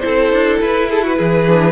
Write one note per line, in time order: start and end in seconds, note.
0.00 0.33 C4
0.00 1.45 E4
0.00 0.90 A4
0.00 0.58 C5
0.33 0.62 D4
0.62 1.20 E4
0.62 0.90 B4
0.90 1.02 G#4
0.90 1.05 A4
1.02 1.17 F#4
1.02 1.72 B4
1.17 1.72 E3
1.17 1.72 G#4
1.48 1.72 D4